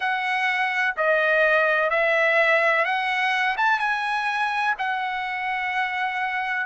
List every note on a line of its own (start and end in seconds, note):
0.00 0.94 F#5
0.96 1.90 D#5
1.90 2.84 E5
2.84 3.56 F#5
3.57 3.79 A5
3.79 4.74 G#5
4.78 6.66 F#5